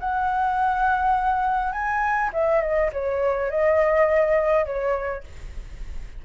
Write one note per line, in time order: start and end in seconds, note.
0.00 1.72 F#5
1.72 2.31 G#5
2.33 2.61 E5
2.61 2.90 D#5
2.93 3.50 C#5
3.50 4.65 D#5
4.65 5.24 C#5